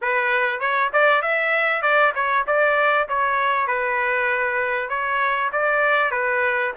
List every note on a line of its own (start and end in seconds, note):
0.01 0.60 B4
0.60 0.90 C#5
0.92 1.22 D5
1.22 1.82 E5
1.82 2.12 D5
2.14 2.45 C#5
2.47 3.08 D5
3.08 3.67 C#5
3.67 4.89 B4
4.89 5.50 C#5
5.52 6.11 D5
6.11 6.72 B4